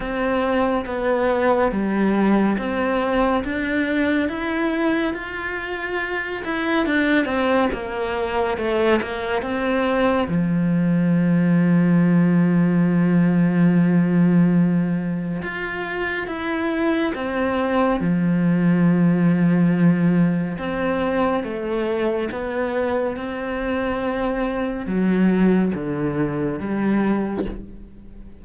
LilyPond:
\new Staff \with { instrumentName = "cello" } { \time 4/4 \tempo 4 = 70 c'4 b4 g4 c'4 | d'4 e'4 f'4. e'8 | d'8 c'8 ais4 a8 ais8 c'4 | f1~ |
f2 f'4 e'4 | c'4 f2. | c'4 a4 b4 c'4~ | c'4 fis4 d4 g4 | }